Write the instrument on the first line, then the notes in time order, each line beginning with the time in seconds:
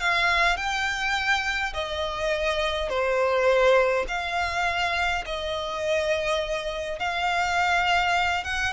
violin
0.00 F5
0.57 G5
1.73 D#5
2.89 C5
4.08 F5
5.26 D#5
6.99 F5
8.44 F#5